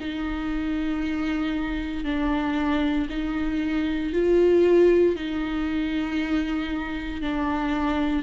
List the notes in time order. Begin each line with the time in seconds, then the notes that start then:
0.00 D#4
2.04 D4
3.09 D#4
4.13 F4
5.16 D#4
7.21 D4